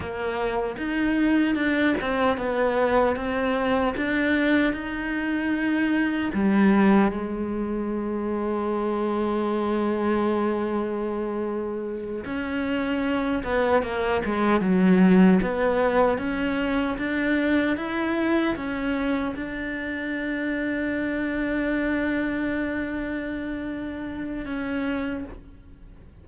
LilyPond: \new Staff \with { instrumentName = "cello" } { \time 4/4 \tempo 4 = 76 ais4 dis'4 d'8 c'8 b4 | c'4 d'4 dis'2 | g4 gis2.~ | gis2.~ gis8 cis'8~ |
cis'4 b8 ais8 gis8 fis4 b8~ | b8 cis'4 d'4 e'4 cis'8~ | cis'8 d'2.~ d'8~ | d'2. cis'4 | }